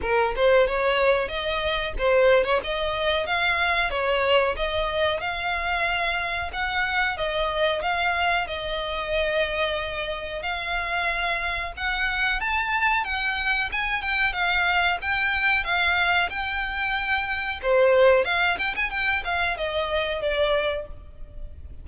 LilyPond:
\new Staff \with { instrumentName = "violin" } { \time 4/4 \tempo 4 = 92 ais'8 c''8 cis''4 dis''4 c''8. cis''16 | dis''4 f''4 cis''4 dis''4 | f''2 fis''4 dis''4 | f''4 dis''2. |
f''2 fis''4 a''4 | g''4 gis''8 g''8 f''4 g''4 | f''4 g''2 c''4 | f''8 g''16 gis''16 g''8 f''8 dis''4 d''4 | }